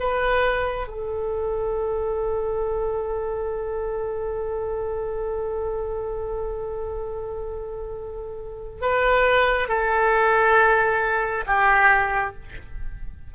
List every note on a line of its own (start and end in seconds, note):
0.00 0.88 B4
0.88 8.82 A4
8.82 9.69 B4
9.69 11.45 A4
11.47 12.35 G4